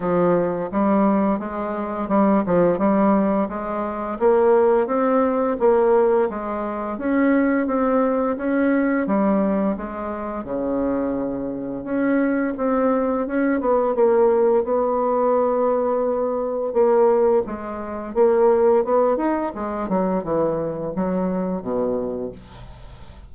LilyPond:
\new Staff \with { instrumentName = "bassoon" } { \time 4/4 \tempo 4 = 86 f4 g4 gis4 g8 f8 | g4 gis4 ais4 c'4 | ais4 gis4 cis'4 c'4 | cis'4 g4 gis4 cis4~ |
cis4 cis'4 c'4 cis'8 b8 | ais4 b2. | ais4 gis4 ais4 b8 dis'8 | gis8 fis8 e4 fis4 b,4 | }